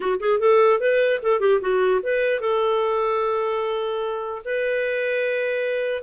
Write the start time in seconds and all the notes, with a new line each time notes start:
0.00 F#4
0.20 G#4
0.39 A4
0.80 B4
1.22 A4
1.40 G4
1.60 F#4
2.02 B4
2.40 A4
4.45 B4